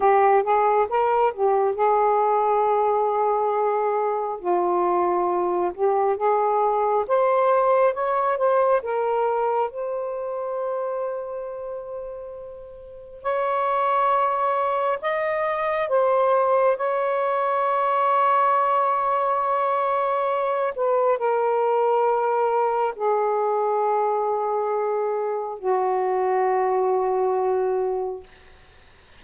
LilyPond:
\new Staff \with { instrumentName = "saxophone" } { \time 4/4 \tempo 4 = 68 g'8 gis'8 ais'8 g'8 gis'2~ | gis'4 f'4. g'8 gis'4 | c''4 cis''8 c''8 ais'4 c''4~ | c''2. cis''4~ |
cis''4 dis''4 c''4 cis''4~ | cis''2.~ cis''8 b'8 | ais'2 gis'2~ | gis'4 fis'2. | }